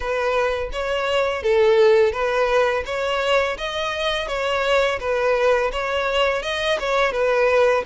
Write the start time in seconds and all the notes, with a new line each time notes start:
0.00 B4
0.72 C#5
1.43 A4
2.12 B4
2.85 C#5
3.57 D#5
4.27 C#5
5.00 B4
5.72 C#5
6.42 D#5
6.79 C#5
7.12 B4